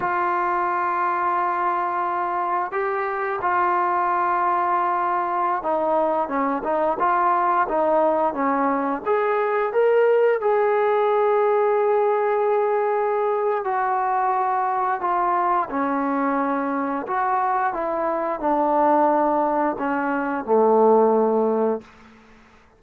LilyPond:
\new Staff \with { instrumentName = "trombone" } { \time 4/4 \tempo 4 = 88 f'1 | g'4 f'2.~ | f'16 dis'4 cis'8 dis'8 f'4 dis'8.~ | dis'16 cis'4 gis'4 ais'4 gis'8.~ |
gis'1 | fis'2 f'4 cis'4~ | cis'4 fis'4 e'4 d'4~ | d'4 cis'4 a2 | }